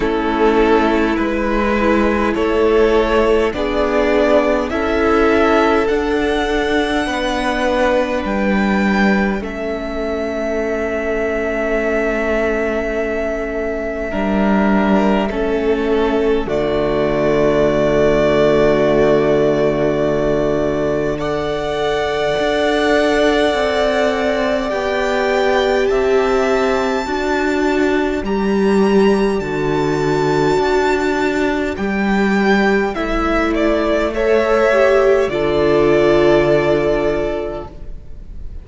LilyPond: <<
  \new Staff \with { instrumentName = "violin" } { \time 4/4 \tempo 4 = 51 a'4 b'4 cis''4 d''4 | e''4 fis''2 g''4 | e''1~ | e''2 d''2~ |
d''2 fis''2~ | fis''4 g''4 a''2 | ais''4 a''2 g''4 | e''8 d''8 e''4 d''2 | }
  \new Staff \with { instrumentName = "violin" } { \time 4/4 e'2 a'4 gis'4 | a'2 b'2 | a'1 | ais'4 a'4 fis'2~ |
fis'2 d''2~ | d''2 e''4 d''4~ | d''1~ | d''4 cis''4 a'2 | }
  \new Staff \with { instrumentName = "viola" } { \time 4/4 cis'4 e'2 d'4 | e'4 d'2. | cis'1 | d'4 cis'4 a2~ |
a2 a'2~ | a'4 g'2 fis'4 | g'4 fis'2 g'4 | e'4 a'8 g'8 f'2 | }
  \new Staff \with { instrumentName = "cello" } { \time 4/4 a4 gis4 a4 b4 | cis'4 d'4 b4 g4 | a1 | g4 a4 d2~ |
d2. d'4 | c'4 b4 c'4 d'4 | g4 d4 d'4 g4 | a2 d2 | }
>>